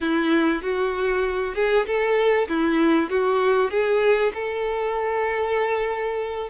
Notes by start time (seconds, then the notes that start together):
0.01 E4
0.62 F#4
1.55 G#4
1.86 A4
2.48 E4
3.10 F#4
3.70 G#4
4.34 A4